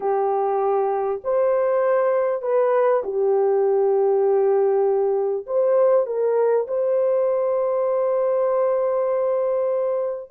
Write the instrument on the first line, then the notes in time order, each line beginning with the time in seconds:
horn
0.00 G4
1.24 C5
2.42 B4
3.03 G4
5.46 C5
6.06 A#4
6.67 C5